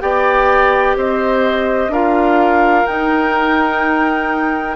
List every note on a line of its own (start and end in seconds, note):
0.00 0.96 B3
0.00 1.90 G4
0.00 0.97 D5
0.00 0.95 G5
0.96 1.88 C4
0.96 1.92 C5
0.96 1.93 D#5
1.88 2.83 D4
1.88 2.86 F4
1.88 4.75 A#4
1.88 2.86 F5
2.86 4.75 D#4
2.86 4.75 G5